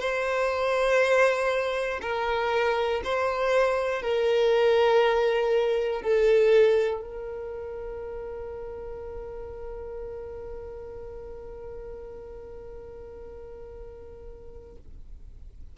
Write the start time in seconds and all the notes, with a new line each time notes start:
0.00 C5
2.01 A#4
3.04 C5
4.02 A#4
6.02 A4
7.01 A#4